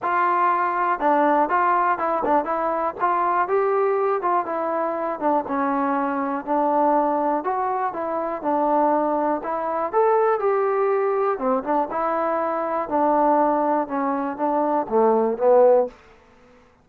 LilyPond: \new Staff \with { instrumentName = "trombone" } { \time 4/4 \tempo 4 = 121 f'2 d'4 f'4 | e'8 d'8 e'4 f'4 g'4~ | g'8 f'8 e'4. d'8 cis'4~ | cis'4 d'2 fis'4 |
e'4 d'2 e'4 | a'4 g'2 c'8 d'8 | e'2 d'2 | cis'4 d'4 a4 b4 | }